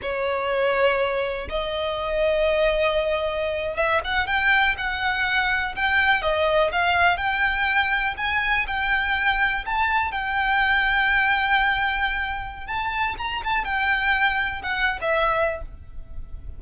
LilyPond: \new Staff \with { instrumentName = "violin" } { \time 4/4 \tempo 4 = 123 cis''2. dis''4~ | dis''2.~ dis''8. e''16~ | e''16 fis''8 g''4 fis''2 g''16~ | g''8. dis''4 f''4 g''4~ g''16~ |
g''8. gis''4 g''2 a''16~ | a''8. g''2.~ g''16~ | g''2 a''4 ais''8 a''8 | g''2 fis''8. e''4~ e''16 | }